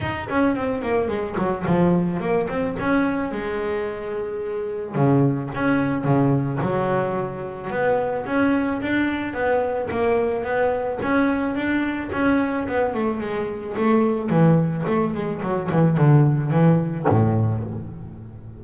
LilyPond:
\new Staff \with { instrumentName = "double bass" } { \time 4/4 \tempo 4 = 109 dis'8 cis'8 c'8 ais8 gis8 fis8 f4 | ais8 c'8 cis'4 gis2~ | gis4 cis4 cis'4 cis4 | fis2 b4 cis'4 |
d'4 b4 ais4 b4 | cis'4 d'4 cis'4 b8 a8 | gis4 a4 e4 a8 gis8 | fis8 e8 d4 e4 a,4 | }